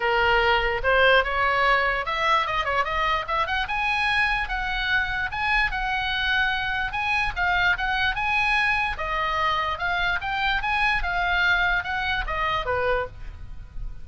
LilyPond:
\new Staff \with { instrumentName = "oboe" } { \time 4/4 \tempo 4 = 147 ais'2 c''4 cis''4~ | cis''4 e''4 dis''8 cis''8 dis''4 | e''8 fis''8 gis''2 fis''4~ | fis''4 gis''4 fis''2~ |
fis''4 gis''4 f''4 fis''4 | gis''2 dis''2 | f''4 g''4 gis''4 f''4~ | f''4 fis''4 dis''4 b'4 | }